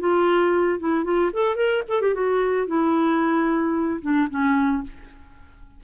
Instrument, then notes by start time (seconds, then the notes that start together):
clarinet
0.00 F4
0.80 E4
1.04 F4
1.33 A4
1.56 A#4
1.89 A4
2.02 G4
2.15 F#4
2.67 E4
4.02 D4
4.30 C#4